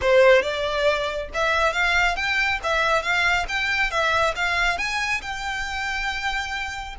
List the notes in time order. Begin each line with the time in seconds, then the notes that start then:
0.01 C5
0.42 D5
1.34 E5
1.73 F5
2.16 G5
2.63 E5
3.02 F5
3.48 G5
3.90 E5
4.35 F5
4.77 G#5
5.21 G5